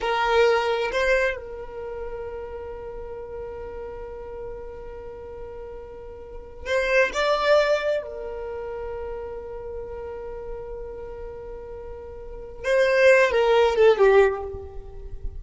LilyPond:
\new Staff \with { instrumentName = "violin" } { \time 4/4 \tempo 4 = 133 ais'2 c''4 ais'4~ | ais'1~ | ais'1~ | ais'2~ ais'8. c''4 d''16~ |
d''4.~ d''16 ais'2~ ais'16~ | ais'1~ | ais'1 | c''4. ais'4 a'8 g'4 | }